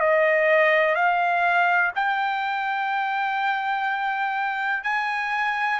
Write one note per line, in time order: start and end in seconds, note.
0.00 0.95 D#5
0.95 1.92 F5
1.95 4.83 G5
4.83 5.80 G#5